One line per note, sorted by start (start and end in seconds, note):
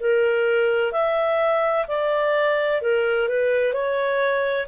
0.00 0.92 A#4
0.92 1.86 E5
1.88 2.82 D5
2.82 3.29 A#4
3.29 3.73 B4
3.73 4.67 C#5